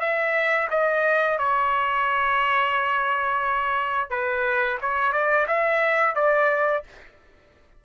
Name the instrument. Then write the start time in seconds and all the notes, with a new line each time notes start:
trumpet
0.00 E5
0.71 D#5
1.39 C#5
4.10 B4
4.81 C#5
5.12 D5
5.48 E5
6.15 D5